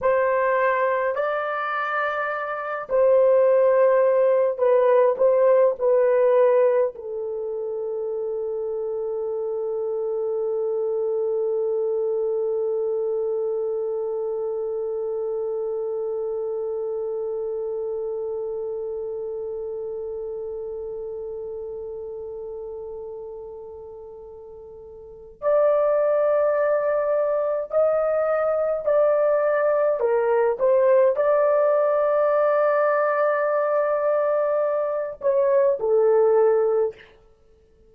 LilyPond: \new Staff \with { instrumentName = "horn" } { \time 4/4 \tempo 4 = 52 c''4 d''4. c''4. | b'8 c''8 b'4 a'2~ | a'1~ | a'1~ |
a'1~ | a'2 d''2 | dis''4 d''4 ais'8 c''8 d''4~ | d''2~ d''8 cis''8 a'4 | }